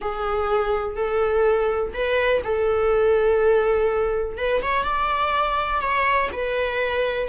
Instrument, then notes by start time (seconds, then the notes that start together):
viola
0.01 G#4
0.96 A4
1.93 B4
2.43 A4
4.37 B4
4.61 C#5
4.83 D5
5.81 C#5
6.32 B4